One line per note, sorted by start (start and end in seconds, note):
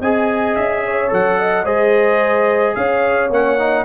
0.00 0.56 C4
0.00 1.08 G#4
0.00 0.83 D#5
0.00 0.56 G#5
0.56 1.11 C#4
0.56 1.11 E5
0.85 1.39 C#5
1.08 1.64 F#3
1.08 1.63 A4
1.08 1.66 F#5
1.39 1.65 D#5
1.64 2.75 G#3
1.64 3.30 G#4
1.64 2.75 C5
1.64 2.75 D#5
2.75 3.30 C#4
2.75 3.85 C#5
2.75 3.30 F5
3.30 3.85 A#3
3.30 3.59 C#4
3.30 3.85 F#5
3.59 3.85 D#4